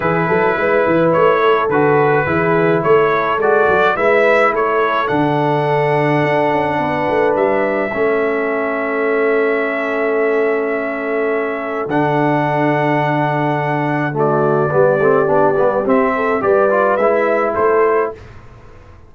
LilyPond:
<<
  \new Staff \with { instrumentName = "trumpet" } { \time 4/4 \tempo 4 = 106 b'2 cis''4 b'4~ | b'4 cis''4 d''4 e''4 | cis''4 fis''2.~ | fis''4 e''2.~ |
e''1~ | e''4 fis''2.~ | fis''4 d''2. | e''4 d''4 e''4 c''4 | }
  \new Staff \with { instrumentName = "horn" } { \time 4/4 gis'8 a'8 b'4. a'4. | gis'4 a'2 b'4 | a'1 | b'2 a'2~ |
a'1~ | a'1~ | a'4 fis'4 g'2~ | g'8 a'8 b'2 a'4 | }
  \new Staff \with { instrumentName = "trombone" } { \time 4/4 e'2. fis'4 | e'2 fis'4 e'4~ | e'4 d'2.~ | d'2 cis'2~ |
cis'1~ | cis'4 d'2.~ | d'4 a4 b8 c'8 d'8 b8 | c'4 g'8 f'8 e'2 | }
  \new Staff \with { instrumentName = "tuba" } { \time 4/4 e8 fis8 gis8 e8 a4 d4 | e4 a4 gis8 fis8 gis4 | a4 d2 d'8 cis'8 | b8 a8 g4 a2~ |
a1~ | a4 d2.~ | d2 g8 a8 b8 g8 | c'4 g4 gis4 a4 | }
>>